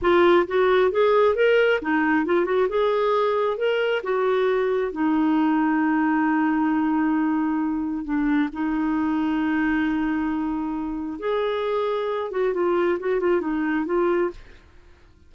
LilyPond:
\new Staff \with { instrumentName = "clarinet" } { \time 4/4 \tempo 4 = 134 f'4 fis'4 gis'4 ais'4 | dis'4 f'8 fis'8 gis'2 | ais'4 fis'2 dis'4~ | dis'1~ |
dis'2 d'4 dis'4~ | dis'1~ | dis'4 gis'2~ gis'8 fis'8 | f'4 fis'8 f'8 dis'4 f'4 | }